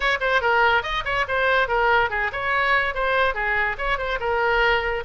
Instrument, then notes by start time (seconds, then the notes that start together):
oboe
0.00 C#5
0.20 C5
0.41 A#4
0.82 D#5
1.04 C#5
1.28 C5
1.67 A#4
2.10 G#4
2.32 C#5
2.94 C5
3.34 G#4
3.77 C#5
3.97 C5
4.19 A#4